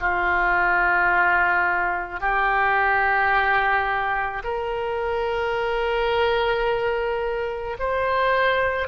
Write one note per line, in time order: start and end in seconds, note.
0.00 2.20 F4
2.20 4.42 G4
4.43 7.77 A#4
7.79 8.88 C5